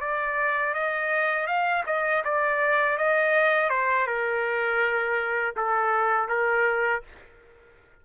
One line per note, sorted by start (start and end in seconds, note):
0.00 0.73 D5
0.73 1.46 D#5
1.46 1.84 F5
1.86 2.23 D#5
2.24 2.97 D5
2.97 3.69 D#5
3.69 4.06 C5
4.06 5.55 A#4
5.56 6.28 A4
6.28 7.02 A#4